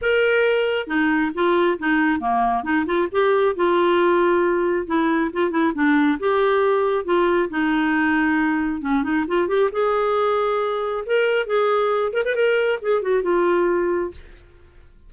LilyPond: \new Staff \with { instrumentName = "clarinet" } { \time 4/4 \tempo 4 = 136 ais'2 dis'4 f'4 | dis'4 ais4 dis'8 f'8 g'4 | f'2. e'4 | f'8 e'8 d'4 g'2 |
f'4 dis'2. | cis'8 dis'8 f'8 g'8 gis'2~ | gis'4 ais'4 gis'4. ais'16 b'16 | ais'4 gis'8 fis'8 f'2 | }